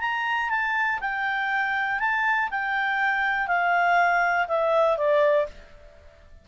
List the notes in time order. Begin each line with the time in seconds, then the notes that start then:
0.00 A#5
0.49 A5
1.00 G5
1.99 A5
2.50 G5
3.47 F5
4.47 E5
4.97 D5